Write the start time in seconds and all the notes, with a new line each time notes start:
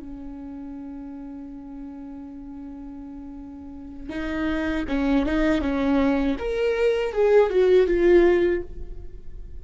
0.00 C#4
4.10 D#4
4.89 C#4
5.26 D#4
5.62 C#4
6.40 A#4
7.13 G#4
7.50 F#4
7.88 F4